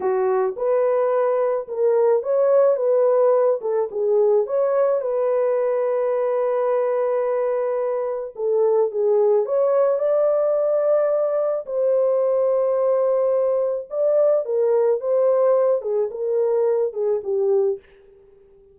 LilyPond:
\new Staff \with { instrumentName = "horn" } { \time 4/4 \tempo 4 = 108 fis'4 b'2 ais'4 | cis''4 b'4. a'8 gis'4 | cis''4 b'2.~ | b'2. a'4 |
gis'4 cis''4 d''2~ | d''4 c''2.~ | c''4 d''4 ais'4 c''4~ | c''8 gis'8 ais'4. gis'8 g'4 | }